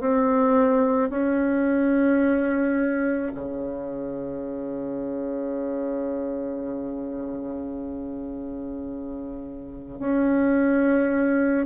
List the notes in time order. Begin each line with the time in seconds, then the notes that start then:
0.00 C4
1.10 C#4
3.34 C#3
9.99 C#4